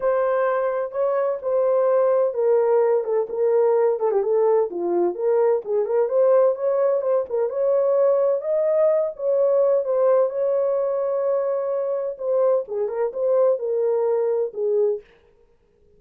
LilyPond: \new Staff \with { instrumentName = "horn" } { \time 4/4 \tempo 4 = 128 c''2 cis''4 c''4~ | c''4 ais'4. a'8 ais'4~ | ais'8 a'16 g'16 a'4 f'4 ais'4 | gis'8 ais'8 c''4 cis''4 c''8 ais'8 |
cis''2 dis''4. cis''8~ | cis''4 c''4 cis''2~ | cis''2 c''4 gis'8 ais'8 | c''4 ais'2 gis'4 | }